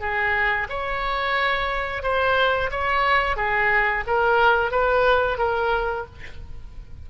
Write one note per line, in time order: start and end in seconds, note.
0.00 0.67 G#4
0.69 2.03 C#5
2.03 2.70 C5
2.71 3.36 C#5
3.36 4.04 G#4
4.07 4.71 A#4
4.71 5.38 B4
5.38 6.06 A#4